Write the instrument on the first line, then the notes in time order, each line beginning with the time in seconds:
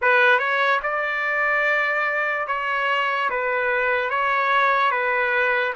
trumpet
0.01 B4
0.38 C#5
0.83 D5
2.47 C#5
3.30 B4
4.09 C#5
4.91 B4